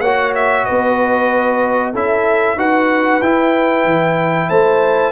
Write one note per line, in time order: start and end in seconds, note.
0.00 0.64 A#3
0.00 1.94 F#4
0.00 0.65 C#5
0.00 0.33 F#5
0.35 0.65 E5
0.65 1.94 B3
0.65 1.92 B4
0.65 1.92 D#5
1.92 2.56 C#4
1.92 2.58 E4
1.92 2.56 A4
1.92 2.59 E5
2.56 3.20 D#4
2.56 3.22 F#4
2.56 4.49 B4
2.56 3.22 F#5
3.22 3.85 E4
3.22 5.12 E4
3.22 4.49 G5
3.85 4.49 E3
4.49 5.12 A3
4.49 5.12 C5
4.49 5.12 A5